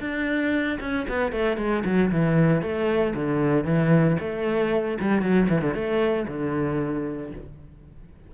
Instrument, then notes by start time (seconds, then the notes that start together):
cello
0.00 D4
0.80 C#4
1.08 B3
1.32 A3
1.57 G#3
1.85 F#3
2.11 E3
2.62 A3
3.15 D3
3.65 E3
4.20 A3
5.00 G3
5.22 F#3
5.49 E3
5.62 D3
5.74 A3
6.28 D3